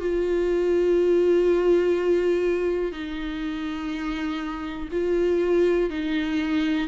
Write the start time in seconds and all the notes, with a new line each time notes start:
0.00 F4
2.92 D#4
4.91 F4
5.90 D#4